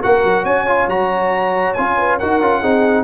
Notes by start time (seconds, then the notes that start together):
0.00 A#3 F#4 A#4 F#5
0.24 F#3
0.43 C#4 C#5 G#5
0.67 F4
0.87 F#3 F#4 A#5
1.74 C#4 F4 G#5
1.97 B4
2.19 D#4 F#4 A#4 F#5
2.40 C#4 F4
2.60 C4 D#4 G#4